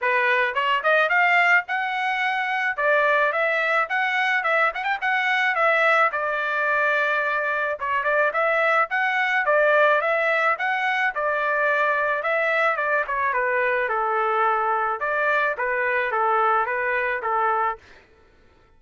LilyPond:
\new Staff \with { instrumentName = "trumpet" } { \time 4/4 \tempo 4 = 108 b'4 cis''8 dis''8 f''4 fis''4~ | fis''4 d''4 e''4 fis''4 | e''8 fis''16 g''16 fis''4 e''4 d''4~ | d''2 cis''8 d''8 e''4 |
fis''4 d''4 e''4 fis''4 | d''2 e''4 d''8 cis''8 | b'4 a'2 d''4 | b'4 a'4 b'4 a'4 | }